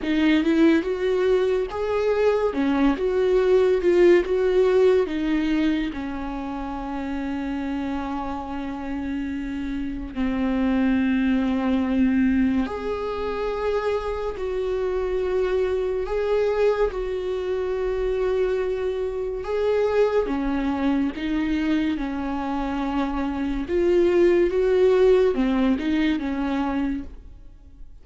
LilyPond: \new Staff \with { instrumentName = "viola" } { \time 4/4 \tempo 4 = 71 dis'8 e'8 fis'4 gis'4 cis'8 fis'8~ | fis'8 f'8 fis'4 dis'4 cis'4~ | cis'1 | c'2. gis'4~ |
gis'4 fis'2 gis'4 | fis'2. gis'4 | cis'4 dis'4 cis'2 | f'4 fis'4 c'8 dis'8 cis'4 | }